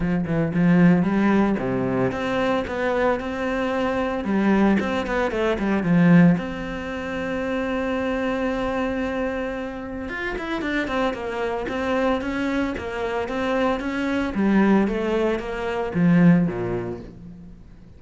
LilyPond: \new Staff \with { instrumentName = "cello" } { \time 4/4 \tempo 4 = 113 f8 e8 f4 g4 c4 | c'4 b4 c'2 | g4 c'8 b8 a8 g8 f4 | c'1~ |
c'2. f'8 e'8 | d'8 c'8 ais4 c'4 cis'4 | ais4 c'4 cis'4 g4 | a4 ais4 f4 ais,4 | }